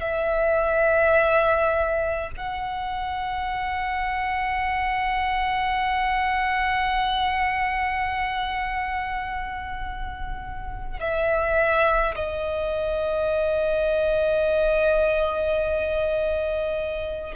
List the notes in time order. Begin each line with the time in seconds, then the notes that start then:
0.00 E5
2.37 F#5
10.99 E5
12.15 D#5